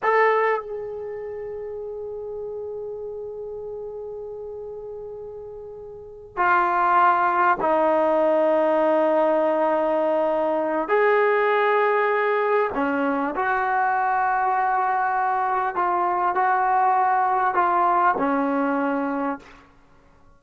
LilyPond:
\new Staff \with { instrumentName = "trombone" } { \time 4/4 \tempo 4 = 99 a'4 gis'2.~ | gis'1~ | gis'2~ gis'8 f'4.~ | f'8 dis'2.~ dis'8~ |
dis'2 gis'2~ | gis'4 cis'4 fis'2~ | fis'2 f'4 fis'4~ | fis'4 f'4 cis'2 | }